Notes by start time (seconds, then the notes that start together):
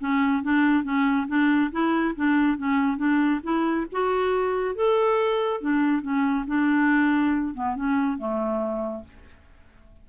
0.00 C#4
0.43 D4
0.84 C#4
1.28 D4
1.72 E4
2.16 D4
2.58 C#4
2.97 D4
3.43 E4
3.92 F#4
4.75 A4
5.61 D4
6.02 C#4
6.47 D4
7.54 B3
7.76 C#4
8.18 A3